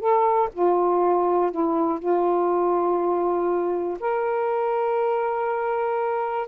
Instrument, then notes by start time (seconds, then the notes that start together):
saxophone
0.00 A4
0.53 F4
1.51 E4
1.99 F4
4.01 A#4